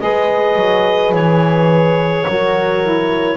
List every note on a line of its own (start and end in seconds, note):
0.00 0.56 G#3
0.00 2.26 G#4
0.00 2.24 B4
0.00 1.13 D#5
0.56 1.12 F#3
1.12 2.25 E3
1.12 3.37 C#5
2.24 3.37 F#3
2.24 2.83 F#4
2.24 3.37 A#4
2.83 3.37 E4